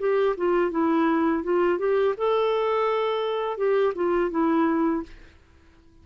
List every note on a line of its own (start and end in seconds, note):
0.00 0.36 G4
0.37 0.71 F4
0.71 1.44 E4
1.44 1.79 F4
1.79 2.15 G4
2.18 3.58 A4
3.58 3.94 G4
3.95 4.31 F4
4.31 5.03 E4